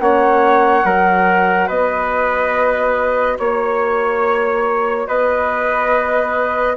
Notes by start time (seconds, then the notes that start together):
0.00 A#3 C#4 C#5 F#5
0.85 F#3 F#4 A#4
1.67 B3 B4 D#5
3.39 A#3 C#5
5.08 B3 B4 D#5